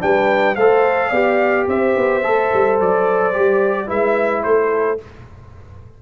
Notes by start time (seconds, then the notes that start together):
0.00 G3 D4 B4 G5
0.56 A3 A4 C5 F5
1.09 B3 D5
1.15 G4
1.68 C4 C5 E5
1.97 B3
2.23 A3 A4
2.53 G3
2.81 F#3 D5
3.33 G3 G4
3.87 G#3 E4 B4 E5
4.43 A3 A4 C5